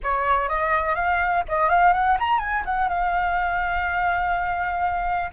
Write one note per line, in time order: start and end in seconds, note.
0.03 0.49 C#5
0.49 0.95 D#5
0.95 1.43 F5
1.48 1.69 D#5
1.69 1.93 F5
1.93 2.17 F#5
2.19 2.38 A#5
2.38 2.63 G#5
2.65 2.88 F#5
2.88 5.30 F5